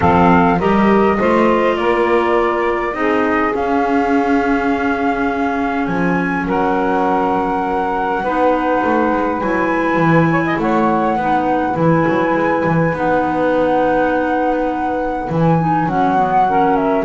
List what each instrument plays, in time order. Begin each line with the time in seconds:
0.00 double bass F3, clarinet C4, saxophone A4, flute F5
0.58 double bass G3, clarinet G4, saxophone A#4, flute D#5
1.18 double bass A3, clarinet F4, saxophone C5
1.76 double bass A#3, saxophone A#4, flute D5
2.92 double bass C4, clarinet D#4, saxophone G#4, flute D#5
3.53 clarinet C#4, double bass C#4, flute F5
5.86 double bass F3, flute G#5
6.46 double bass F#3, saxophone A#4, flute F#5
8.22 double bass B3, clarinet D#4, saxophone B4
8.83 double bass A3
9.12 double bass G#3
9.40 double bass F#3, clarinet E4, flute G#5
9.96 double bass E3
10.29 saxophone C#5
10.45 saxophone D#5
10.58 double bass A3, saxophone C#5, flute F#5
11.16 double bass B3, clarinet D#4, saxophone B4
11.73 double bass E3, clarinet E4, flute G#5
12.08 double bass F#3
12.34 double bass G#3
12.64 double bass E3
12.93 double bass B3, clarinet D#4, flute F#5
15.28 double bass E3, clarinet E4, flute G#5
15.58 clarinet D#4
15.86 double bass F#3, clarinet C#4, flute F#5
16.16 clarinet B3
16.48 clarinet C#4, saxophone A#4
16.76 flute E5